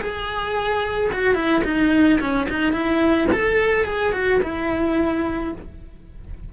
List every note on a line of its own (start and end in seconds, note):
0.00 1.10 G#4
1.12 1.34 F#4
1.34 1.62 E4
1.64 2.19 D#4
2.20 2.47 C#4
2.49 2.72 D#4
2.72 3.27 E4
3.32 3.85 A4
3.85 4.12 G#4
4.12 4.40 F#4
4.42 5.52 E4